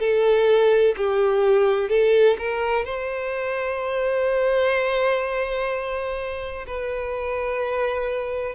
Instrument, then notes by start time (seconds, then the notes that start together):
violin
0.00 A4
0.97 G4
1.90 A4
2.39 A#4
2.85 C5
6.68 B4